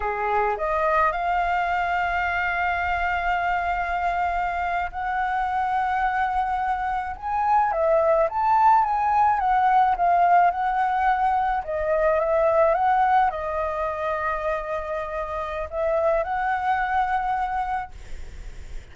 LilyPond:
\new Staff \with { instrumentName = "flute" } { \time 4/4 \tempo 4 = 107 gis'4 dis''4 f''2~ | f''1~ | f''8. fis''2.~ fis''16~ | fis''8. gis''4 e''4 a''4 gis''16~ |
gis''8. fis''4 f''4 fis''4~ fis''16~ | fis''8. dis''4 e''4 fis''4 dis''16~ | dis''1 | e''4 fis''2. | }